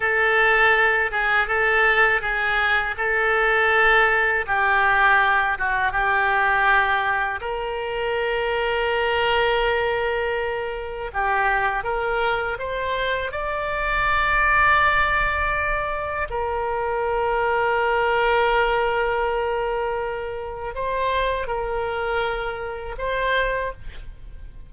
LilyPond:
\new Staff \with { instrumentName = "oboe" } { \time 4/4 \tempo 4 = 81 a'4. gis'8 a'4 gis'4 | a'2 g'4. fis'8 | g'2 ais'2~ | ais'2. g'4 |
ais'4 c''4 d''2~ | d''2 ais'2~ | ais'1 | c''4 ais'2 c''4 | }